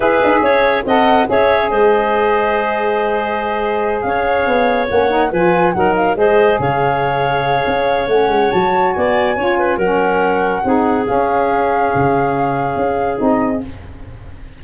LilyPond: <<
  \new Staff \with { instrumentName = "flute" } { \time 4/4 \tempo 4 = 141 e''2 fis''4 e''4 | dis''1~ | dis''4. f''2 fis''8~ | fis''8 gis''4 fis''8 f''8 dis''4 f''8~ |
f''2. fis''4 | a''4 gis''2 fis''4~ | fis''2 f''2~ | f''2. dis''4 | }
  \new Staff \with { instrumentName = "clarinet" } { \time 4/4 b'4 cis''4 dis''4 cis''4 | c''1~ | c''4. cis''2~ cis''8~ | cis''8 b'4 ais'4 c''4 cis''8~ |
cis''1~ | cis''4 d''4 cis''8 b'8 ais'4~ | ais'4 gis'2.~ | gis'1 | }
  \new Staff \with { instrumentName = "saxophone" } { \time 4/4 gis'2 a'4 gis'4~ | gis'1~ | gis'2.~ gis'8 cis'8 | dis'8 f'4 dis'4 gis'4.~ |
gis'2. cis'4 | fis'2 f'4 cis'4~ | cis'4 dis'4 cis'2~ | cis'2. dis'4 | }
  \new Staff \with { instrumentName = "tuba" } { \time 4/4 e'8 dis'8 cis'4 c'4 cis'4 | gis1~ | gis4. cis'4 b4 ais8~ | ais8 f4 fis4 gis4 cis8~ |
cis2 cis'4 a8 gis8 | fis4 b4 cis'4 fis4~ | fis4 c'4 cis'2 | cis2 cis'4 c'4 | }
>>